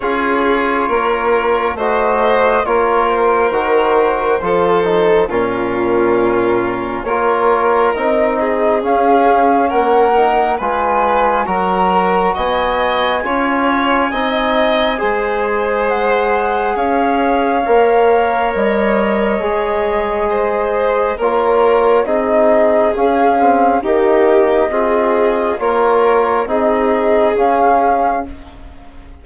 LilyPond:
<<
  \new Staff \with { instrumentName = "flute" } { \time 4/4 \tempo 4 = 68 cis''2 dis''4 cis''8 c''8~ | c''2 ais'2 | cis''4 dis''4 f''4 fis''4 | gis''4 ais''4 gis''2~ |
gis''2 fis''4 f''4~ | f''4 dis''2. | cis''4 dis''4 f''4 dis''4~ | dis''4 cis''4 dis''4 f''4 | }
  \new Staff \with { instrumentName = "violin" } { \time 4/4 gis'4 ais'4 c''4 ais'4~ | ais'4 a'4 f'2 | ais'4. gis'4. ais'4 | b'4 ais'4 dis''4 cis''4 |
dis''4 c''2 cis''4~ | cis''2. c''4 | ais'4 gis'2 g'4 | gis'4 ais'4 gis'2 | }
  \new Staff \with { instrumentName = "trombone" } { \time 4/4 f'2 fis'4 f'4 | fis'4 f'8 dis'8 cis'2 | f'4 dis'4 cis'4. dis'8 | f'4 fis'2 f'4 |
dis'4 gis'2. | ais'2 gis'2 | f'4 dis'4 cis'8 c'8 ais4 | c'4 f'4 dis'4 cis'4 | }
  \new Staff \with { instrumentName = "bassoon" } { \time 4/4 cis'4 ais4 a4 ais4 | dis4 f4 ais,2 | ais4 c'4 cis'4 ais4 | gis4 fis4 b4 cis'4 |
c'4 gis2 cis'4 | ais4 g4 gis2 | ais4 c'4 cis'4 dis'4 | f'4 ais4 c'4 cis'4 | }
>>